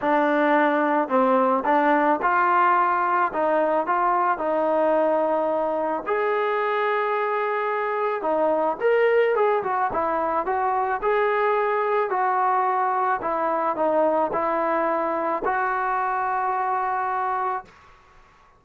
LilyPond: \new Staff \with { instrumentName = "trombone" } { \time 4/4 \tempo 4 = 109 d'2 c'4 d'4 | f'2 dis'4 f'4 | dis'2. gis'4~ | gis'2. dis'4 |
ais'4 gis'8 fis'8 e'4 fis'4 | gis'2 fis'2 | e'4 dis'4 e'2 | fis'1 | }